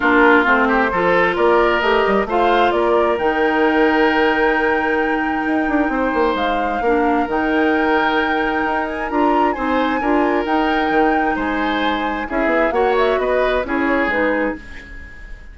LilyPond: <<
  \new Staff \with { instrumentName = "flute" } { \time 4/4 \tempo 4 = 132 ais'4 c''2 d''4 | dis''4 f''4 d''4 g''4~ | g''1~ | g''2 f''2 |
g''2.~ g''8 gis''8 | ais''4 gis''2 g''4~ | g''4 gis''2 e''4 | fis''8 e''8 dis''4 cis''4 b'4 | }
  \new Staff \with { instrumentName = "oboe" } { \time 4/4 f'4. g'8 a'4 ais'4~ | ais'4 c''4 ais'2~ | ais'1~ | ais'4 c''2 ais'4~ |
ais'1~ | ais'4 c''4 ais'2~ | ais'4 c''2 gis'4 | cis''4 b'4 gis'2 | }
  \new Staff \with { instrumentName = "clarinet" } { \time 4/4 d'4 c'4 f'2 | g'4 f'2 dis'4~ | dis'1~ | dis'2. d'4 |
dis'1 | f'4 dis'4 f'4 dis'4~ | dis'2. e'4 | fis'2 e'4 dis'4 | }
  \new Staff \with { instrumentName = "bassoon" } { \time 4/4 ais4 a4 f4 ais4 | a8 g8 a4 ais4 dis4~ | dis1 | dis'8 d'8 c'8 ais8 gis4 ais4 |
dis2. dis'4 | d'4 c'4 d'4 dis'4 | dis4 gis2 cis'8 b8 | ais4 b4 cis'4 gis4 | }
>>